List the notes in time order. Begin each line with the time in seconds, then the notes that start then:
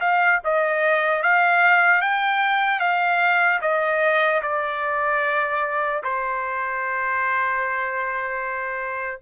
0.00 F5
0.44 D#5
1.23 F5
2.01 G5
2.80 F5
3.61 D#5
4.43 D5
6.04 C5